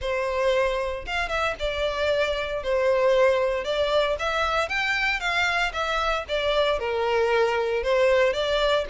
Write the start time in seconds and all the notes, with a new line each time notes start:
0.01 C5
1.06 F5
1.29 E5
1.59 D5
2.63 C5
3.64 D5
4.19 E5
4.68 G5
5.19 F5
5.72 E5
6.28 D5
6.79 A#4
7.83 C5
8.33 D5